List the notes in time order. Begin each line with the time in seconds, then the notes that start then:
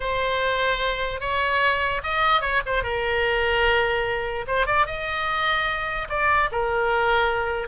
0.00 C5
1.20 C#5
2.03 D#5
2.41 C#5
2.66 C5
2.83 A#4
4.47 C5
4.66 D5
4.86 D#5
6.09 D5
6.51 A#4